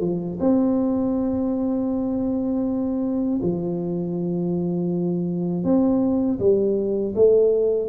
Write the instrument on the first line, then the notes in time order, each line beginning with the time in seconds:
tuba
0.00 F3
0.40 C4
3.42 F3
5.64 C4
6.39 G3
7.15 A3